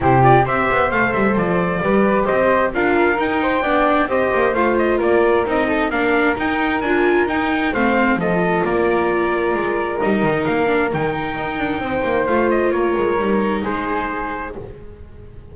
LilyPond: <<
  \new Staff \with { instrumentName = "trumpet" } { \time 4/4 \tempo 4 = 132 c''8 d''8 e''4 f''8 e''8 d''4~ | d''4 dis''4 f''4 g''4~ | g''4 dis''4 f''8 dis''8 d''4 | dis''4 f''4 g''4 gis''4 |
g''4 f''4 dis''4 d''4~ | d''2 dis''4 f''4 | g''2. f''8 dis''8 | cis''2 c''2 | }
  \new Staff \with { instrumentName = "flute" } { \time 4/4 g'4 c''2. | b'4 c''4 ais'4. c''8 | d''4 c''2 ais'4~ | ais'8 a'8 ais'2.~ |
ais'4 c''4 a'4 ais'4~ | ais'1~ | ais'2 c''2 | ais'2 gis'2 | }
  \new Staff \with { instrumentName = "viola" } { \time 4/4 e'8 f'8 g'4 a'2 | g'2 f'4 dis'4 | d'4 g'4 f'2 | dis'4 d'4 dis'4 f'4 |
dis'4 c'4 f'2~ | f'2 dis'4. d'8 | dis'2. f'4~ | f'4 dis'2. | }
  \new Staff \with { instrumentName = "double bass" } { \time 4/4 c4 c'8 b8 a8 g8 f4 | g4 c'4 d'4 dis'4 | b4 c'8 ais8 a4 ais4 | c'4 ais4 dis'4 d'4 |
dis'4 a4 f4 ais4~ | ais4 gis4 g8 dis8 ais4 | dis4 dis'8 d'8 c'8 ais8 a4 | ais8 gis8 g4 gis2 | }
>>